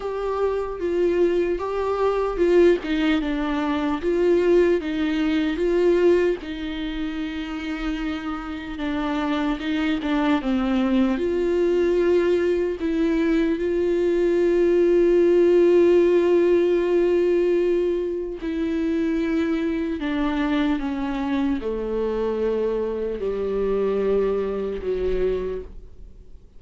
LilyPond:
\new Staff \with { instrumentName = "viola" } { \time 4/4 \tempo 4 = 75 g'4 f'4 g'4 f'8 dis'8 | d'4 f'4 dis'4 f'4 | dis'2. d'4 | dis'8 d'8 c'4 f'2 |
e'4 f'2.~ | f'2. e'4~ | e'4 d'4 cis'4 a4~ | a4 g2 fis4 | }